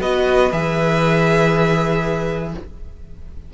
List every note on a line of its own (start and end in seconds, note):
0.00 0.50 B3
0.00 0.51 F#4
0.00 2.52 B4
0.00 0.51 D#5
0.51 2.53 E3
0.51 2.53 G#4
0.51 2.53 E5